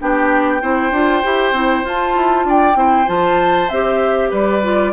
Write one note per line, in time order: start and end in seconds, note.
0.00 0.62 B3
0.00 0.61 D4
0.00 0.62 G4
0.00 1.87 G5
0.61 0.91 C4
0.61 0.92 E4
0.61 2.47 C5
0.91 1.22 D4
0.91 1.23 F4
1.23 1.52 E4
1.23 1.54 G4
1.52 1.83 C4
1.52 1.84 E4
1.84 2.15 F4
1.84 2.74 F4
1.84 2.49 A5
2.16 2.45 E4
2.45 2.75 D4
2.45 2.78 D5
2.45 3.08 G5
2.74 3.06 C4
2.74 3.05 E4
2.74 4.30 C5
3.06 3.70 F3
3.06 3.68 F4
3.06 3.69 A5
3.69 4.32 C4
3.69 4.63 G4
3.69 4.31 E5
4.30 4.93 G3
4.30 4.92 B4
4.30 4.93 D5
4.63 4.93 F4